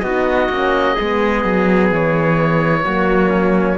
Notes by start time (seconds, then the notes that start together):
0.00 B3 F#4 D#5
0.06 D#4
0.50 A#3 C#4
0.95 B3 G#4
1.01 G#3
1.45 F#3
1.92 E3 C#5
2.84 F#3 A#3 F#4
3.30 C#4